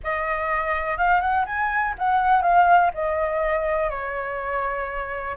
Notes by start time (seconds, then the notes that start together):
0.03 D#5
0.97 F5
1.20 F#5
1.46 G#5
1.98 F#5
2.41 F5
2.94 D#5
3.90 C#5